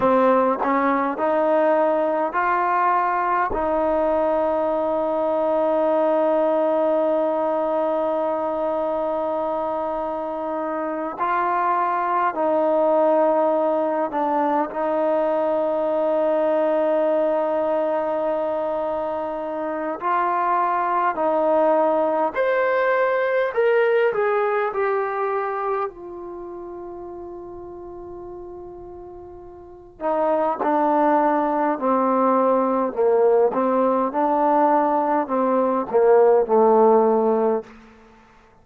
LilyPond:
\new Staff \with { instrumentName = "trombone" } { \time 4/4 \tempo 4 = 51 c'8 cis'8 dis'4 f'4 dis'4~ | dis'1~ | dis'4. f'4 dis'4. | d'8 dis'2.~ dis'8~ |
dis'4 f'4 dis'4 c''4 | ais'8 gis'8 g'4 f'2~ | f'4. dis'8 d'4 c'4 | ais8 c'8 d'4 c'8 ais8 a4 | }